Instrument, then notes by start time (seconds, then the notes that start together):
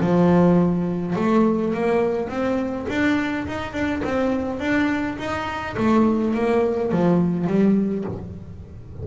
double bass
0.00 F3
1.16 A3
1.74 A#3
2.29 C4
2.89 D4
3.47 D#4
3.73 D4
4.04 C4
4.59 D4
5.18 D#4
5.77 A3
6.34 A#3
6.92 F3
7.47 G3